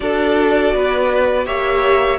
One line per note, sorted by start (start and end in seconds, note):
0.00 0.73 D4
0.00 1.45 F#4
0.00 0.74 A4
0.00 1.46 D5
0.73 1.46 B3
0.73 1.46 B4
1.45 2.19 A#3
1.45 2.18 G4
1.45 2.19 C#5
1.45 2.19 E5